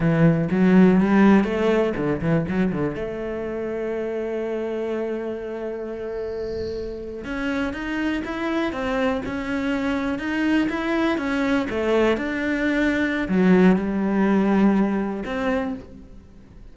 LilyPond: \new Staff \with { instrumentName = "cello" } { \time 4/4 \tempo 4 = 122 e4 fis4 g4 a4 | d8 e8 fis8 d8 a2~ | a1~ | a2~ a8. cis'4 dis'16~ |
dis'8. e'4 c'4 cis'4~ cis'16~ | cis'8. dis'4 e'4 cis'4 a16~ | a8. d'2~ d'16 fis4 | g2. c'4 | }